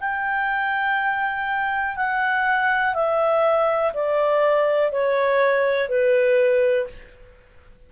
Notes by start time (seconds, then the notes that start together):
0.00 G5
1.96 F#5
2.94 E5
3.93 D5
4.91 C#5
5.88 B4